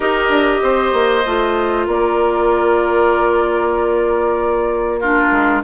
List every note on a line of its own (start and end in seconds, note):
0.00 0.28 D#4
0.00 1.23 G4
0.00 0.62 A#4
0.00 1.87 D#5
0.28 0.60 D4
0.62 0.92 C4
0.62 1.87 C5
0.92 1.24 A#3
1.26 1.87 A3
1.26 5.01 F4
1.87 5.31 A#3
1.87 4.99 A#4
1.87 4.99 D5
4.99 5.63 D4
4.99 5.62 F4
4.99 5.62 A#4
5.31 5.62 G#3